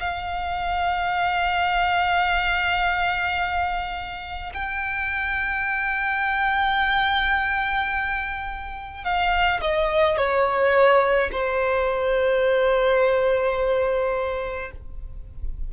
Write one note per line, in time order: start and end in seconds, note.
0.00 4.53 F5
4.54 9.04 G5
9.04 9.61 F5
9.61 10.17 D#5
10.17 11.30 C#5
11.32 14.72 C5